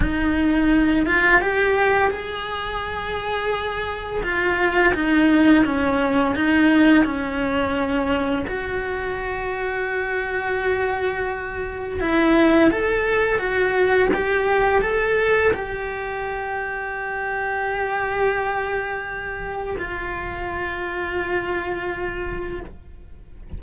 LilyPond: \new Staff \with { instrumentName = "cello" } { \time 4/4 \tempo 4 = 85 dis'4. f'8 g'4 gis'4~ | gis'2 f'4 dis'4 | cis'4 dis'4 cis'2 | fis'1~ |
fis'4 e'4 a'4 fis'4 | g'4 a'4 g'2~ | g'1 | f'1 | }